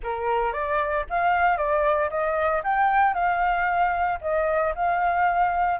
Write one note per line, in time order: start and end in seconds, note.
0.03 0.52 A#4
0.52 1.05 D5
1.09 1.57 F5
1.57 2.09 D5
2.10 2.62 D#5
2.63 3.14 G5
3.14 4.19 F5
4.21 4.73 D#5
4.75 5.80 F5